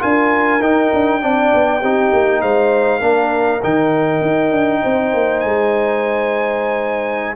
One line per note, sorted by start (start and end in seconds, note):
0.00 0.60 D4
0.00 0.60 F4
0.00 1.21 A#4
0.00 0.62 G#5
0.60 0.91 D#4
0.60 1.21 D#4
0.60 2.42 G5
0.94 1.24 D4
1.21 1.54 C4
1.21 1.81 D4
1.21 1.81 D5
1.54 1.82 B3
1.81 2.12 C4
1.81 3.01 D#4
1.81 2.41 G4
2.13 2.43 A#3
2.42 3.02 G#3
2.42 3.00 C5
2.42 3.62 F5
3.00 3.62 A#3
3.00 3.61 D4
3.00 4.80 A#4
3.63 4.22 D#3
3.63 7.36 D#4
3.63 5.40 G5
4.22 4.52 D#4
4.52 4.82 D4
4.83 5.14 C4
4.83 7.36 C5
5.14 5.44 A#3
5.40 7.36 G#3
5.40 7.35 G#5